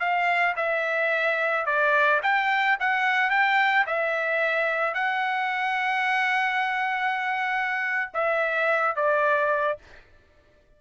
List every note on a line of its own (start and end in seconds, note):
0.00 0.55 F5
0.56 1.66 E5
1.66 2.21 D5
2.23 2.78 G5
2.80 3.31 F#5
3.31 3.86 G5
3.87 4.95 E5
4.95 8.11 F#5
8.14 8.96 E5
8.96 9.79 D5